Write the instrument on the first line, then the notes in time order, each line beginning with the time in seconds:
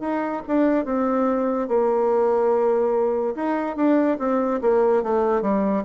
bassoon
0.00 D#4
0.47 D4
0.84 C4
1.68 A#3
3.35 D#4
3.76 D4
4.19 C4
4.61 A#3
5.03 A3
5.42 G3